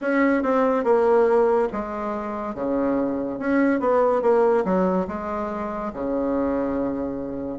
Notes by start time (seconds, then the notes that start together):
0.01 C#4
0.42 C4
0.83 A#3
1.72 G#3
2.54 C#3
3.39 C#4
3.80 B3
4.22 A#3
4.64 F#3
5.07 G#3
5.93 C#3